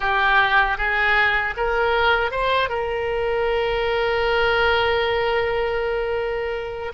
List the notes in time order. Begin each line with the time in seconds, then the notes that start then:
0.00 G4
0.77 G#4
1.56 A#4
2.31 C5
2.69 A#4